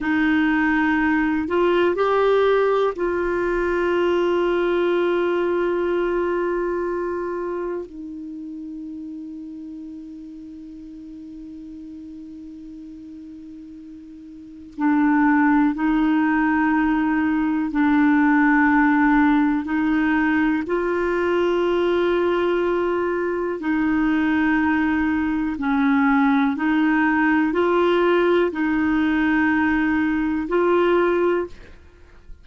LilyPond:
\new Staff \with { instrumentName = "clarinet" } { \time 4/4 \tempo 4 = 61 dis'4. f'8 g'4 f'4~ | f'1 | dis'1~ | dis'2. d'4 |
dis'2 d'2 | dis'4 f'2. | dis'2 cis'4 dis'4 | f'4 dis'2 f'4 | }